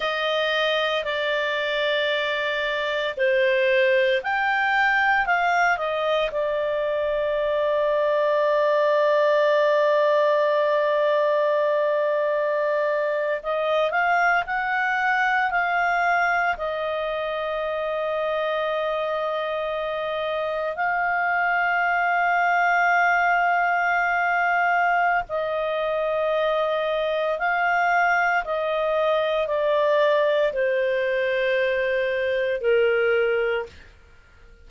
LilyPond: \new Staff \with { instrumentName = "clarinet" } { \time 4/4 \tempo 4 = 57 dis''4 d''2 c''4 | g''4 f''8 dis''8 d''2~ | d''1~ | d''8. dis''8 f''8 fis''4 f''4 dis''16~ |
dis''2.~ dis''8. f''16~ | f''1 | dis''2 f''4 dis''4 | d''4 c''2 ais'4 | }